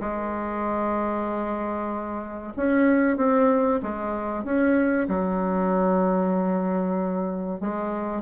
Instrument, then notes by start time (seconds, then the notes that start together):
bassoon
0.00 G#3
2.56 C#4
3.16 C4
3.82 G#3
4.44 C#4
5.08 F#3
7.60 G#3